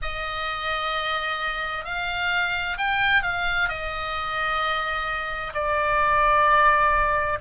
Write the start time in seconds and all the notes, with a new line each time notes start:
0.02 D#5
1.85 F5
2.77 G5
3.23 F5
3.68 D#5
5.54 D5